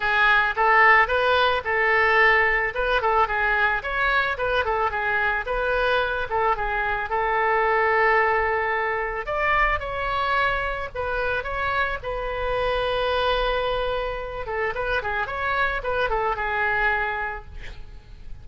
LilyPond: \new Staff \with { instrumentName = "oboe" } { \time 4/4 \tempo 4 = 110 gis'4 a'4 b'4 a'4~ | a'4 b'8 a'8 gis'4 cis''4 | b'8 a'8 gis'4 b'4. a'8 | gis'4 a'2.~ |
a'4 d''4 cis''2 | b'4 cis''4 b'2~ | b'2~ b'8 a'8 b'8 gis'8 | cis''4 b'8 a'8 gis'2 | }